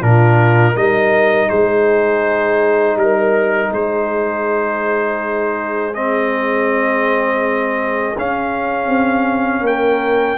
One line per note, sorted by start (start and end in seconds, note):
0.00 0.76 A#2
0.00 0.75 D4
0.00 0.73 F4
0.00 0.76 A#4
0.73 1.50 G3
0.73 5.93 D#4
0.73 1.47 A#4
0.73 1.49 D#5
1.48 2.95 G#3
1.48 2.96 G#4
1.48 2.97 C5
2.95 3.69 G3
2.95 3.72 A#4
3.72 8.16 G#3
3.72 9.65 G#4
3.72 5.94 C5
5.94 8.16 C4
5.94 8.17 D#5
8.18 8.87 C#4
8.18 10.38 C#4
8.18 9.67 F5
8.87 9.61 C4
9.61 10.35 A#3
9.61 10.38 A#4
9.67 10.38 G5